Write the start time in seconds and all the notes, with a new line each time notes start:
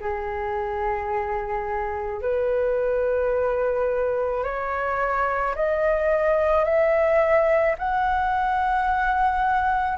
0.00 G#4
2.22 B4
4.43 C#5
5.55 D#5
6.65 E5
7.78 F#5